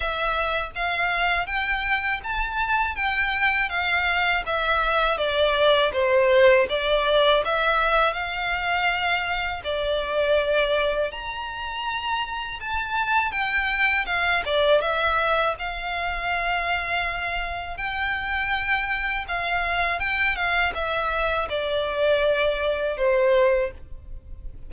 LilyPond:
\new Staff \with { instrumentName = "violin" } { \time 4/4 \tempo 4 = 81 e''4 f''4 g''4 a''4 | g''4 f''4 e''4 d''4 | c''4 d''4 e''4 f''4~ | f''4 d''2 ais''4~ |
ais''4 a''4 g''4 f''8 d''8 | e''4 f''2. | g''2 f''4 g''8 f''8 | e''4 d''2 c''4 | }